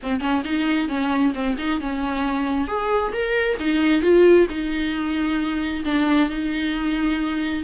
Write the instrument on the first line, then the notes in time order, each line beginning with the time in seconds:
viola
0.02 C4
0.20 C#4
0.44 D#4
0.88 C#4
1.34 C4
1.58 D#4
1.80 C#4
2.67 G#4
3.12 A#4
3.59 D#4
4.02 F4
4.49 D#4
5.85 D4
6.29 D#4